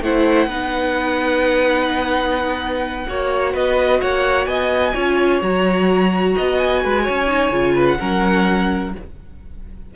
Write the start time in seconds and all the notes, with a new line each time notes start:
0.00 A3 E4 C5 F#5
0.46 B3 D#4 B4
3.07 A#3 F#4 C#5
3.53 B3 B4 D#5
4.00 A#3 C#5 F#5
4.46 B3 D#5 G#5
4.93 C#4 F4 C#5
5.41 F#3 F#4 A#5
6.36 B3 D#5
6.57 G#5
6.83 G#3 B4
7.02 C#5
7.09 C#4
7.27 D#4
7.50 C#3 F4
7.75 B4
7.88 F#5
7.99 F#3 C#4 A#4